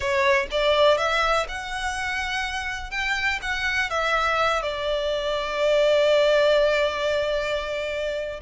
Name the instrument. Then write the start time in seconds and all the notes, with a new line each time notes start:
violin
0.00 C#5
0.51 D5
0.97 E5
1.48 F#5
2.90 G5
3.42 F#5
3.90 E5
4.62 D5